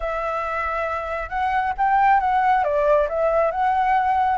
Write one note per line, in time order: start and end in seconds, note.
0.00 1.29 E5
1.29 1.73 F#5
1.77 2.20 G5
2.20 2.63 F#5
2.64 3.08 D5
3.08 3.51 E5
3.51 4.38 F#5